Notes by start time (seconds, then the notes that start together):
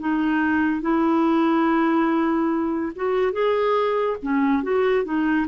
0.00 D#4
0.81 E4
2.96 F#4
3.33 G#4
4.23 C#4
4.63 F#4
5.04 D#4